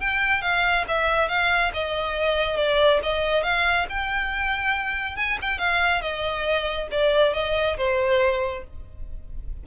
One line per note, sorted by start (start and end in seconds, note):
0.00 0.41 G5
0.41 0.85 F5
0.88 1.28 E5
1.28 1.71 F5
1.73 2.56 D#5
2.56 3.00 D5
3.02 3.43 D#5
3.43 3.86 F5
3.89 5.16 G5
5.16 5.38 G#5
5.41 5.58 G5
5.58 6.01 F5
6.01 6.88 D#5
6.91 7.33 D5
7.33 7.76 D#5
7.77 8.63 C5